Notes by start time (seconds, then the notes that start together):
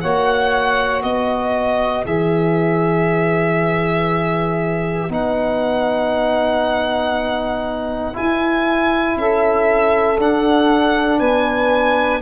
0.00 A#3 F#4 C#5 F#5
1.02 B3 B4 D#5
2.05 E3 G#4 E5
5.09 B3 D#4 F#5
8.13 E4 G#5
9.16 C#4 A4 E5
10.18 D4 F#5
11.18 B3 B4 G#5